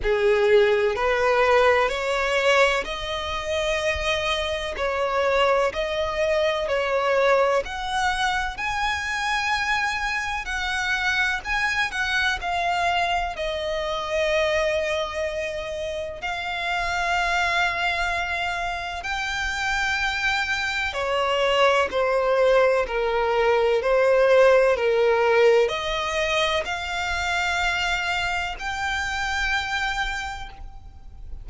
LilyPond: \new Staff \with { instrumentName = "violin" } { \time 4/4 \tempo 4 = 63 gis'4 b'4 cis''4 dis''4~ | dis''4 cis''4 dis''4 cis''4 | fis''4 gis''2 fis''4 | gis''8 fis''8 f''4 dis''2~ |
dis''4 f''2. | g''2 cis''4 c''4 | ais'4 c''4 ais'4 dis''4 | f''2 g''2 | }